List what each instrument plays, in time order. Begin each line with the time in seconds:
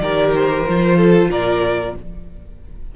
0.00 cello D#3, viola G4, violin A#4 D5
0.35 violin C5
0.67 cello F3, viola F4
0.97 violin A4
1.29 cello A#2, violin A#4 D5